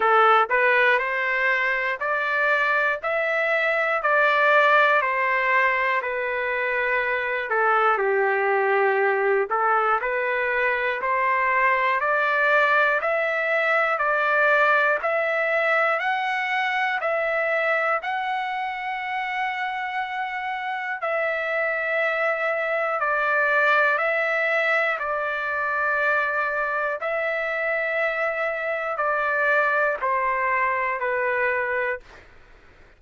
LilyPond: \new Staff \with { instrumentName = "trumpet" } { \time 4/4 \tempo 4 = 60 a'8 b'8 c''4 d''4 e''4 | d''4 c''4 b'4. a'8 | g'4. a'8 b'4 c''4 | d''4 e''4 d''4 e''4 |
fis''4 e''4 fis''2~ | fis''4 e''2 d''4 | e''4 d''2 e''4~ | e''4 d''4 c''4 b'4 | }